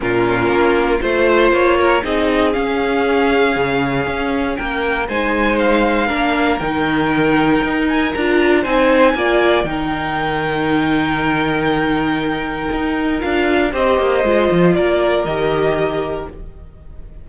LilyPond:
<<
  \new Staff \with { instrumentName = "violin" } { \time 4/4 \tempo 4 = 118 ais'2 c''4 cis''4 | dis''4 f''2.~ | f''4 g''4 gis''4 f''4~ | f''4 g''2~ g''8 gis''8 |
ais''4 gis''2 g''4~ | g''1~ | g''2 f''4 dis''4~ | dis''4 d''4 dis''2 | }
  \new Staff \with { instrumentName = "violin" } { \time 4/4 f'2 c''4. ais'8 | gis'1~ | gis'4 ais'4 c''2 | ais'1~ |
ais'4 c''4 d''4 ais'4~ | ais'1~ | ais'2. c''4~ | c''4 ais'2. | }
  \new Staff \with { instrumentName = "viola" } { \time 4/4 cis'2 f'2 | dis'4 cis'2.~ | cis'2 dis'2 | d'4 dis'2. |
f'4 dis'4 f'4 dis'4~ | dis'1~ | dis'2 f'4 g'4 | f'2 g'2 | }
  \new Staff \with { instrumentName = "cello" } { \time 4/4 ais,4 ais4 a4 ais4 | c'4 cis'2 cis4 | cis'4 ais4 gis2 | ais4 dis2 dis'4 |
d'4 c'4 ais4 dis4~ | dis1~ | dis4 dis'4 d'4 c'8 ais8 | gis8 f8 ais4 dis2 | }
>>